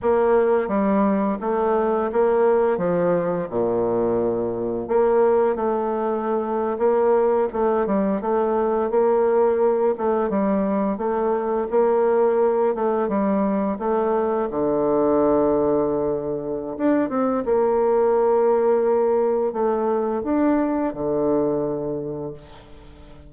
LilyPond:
\new Staff \with { instrumentName = "bassoon" } { \time 4/4 \tempo 4 = 86 ais4 g4 a4 ais4 | f4 ais,2 ais4 | a4.~ a16 ais4 a8 g8 a16~ | a8. ais4. a8 g4 a16~ |
a8. ais4. a8 g4 a16~ | a8. d2.~ d16 | d'8 c'8 ais2. | a4 d'4 d2 | }